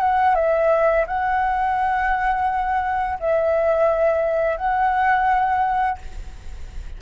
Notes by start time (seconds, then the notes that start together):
0.00 F#5
0.35 E5
1.07 F#5
3.19 E5
4.57 F#5